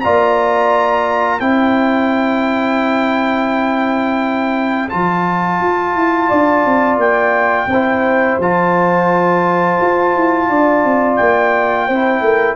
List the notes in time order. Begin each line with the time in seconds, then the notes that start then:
0.00 A#3 F4 D5 A#5
1.40 C4 E4 C5 G5
4.89 F3 F4 A5
5.60 F4
5.95 E4
6.28 D4 D5
6.65 C4
6.96 A#3 G5
7.67 C4 C5
7.73 E4
8.39 F3 F4 A5
9.81 F4
10.15 E4
10.49 D4 D5
10.84 C4
11.16 A#3 G5
11.86 C4 E4 C5
12.20 A3 A#4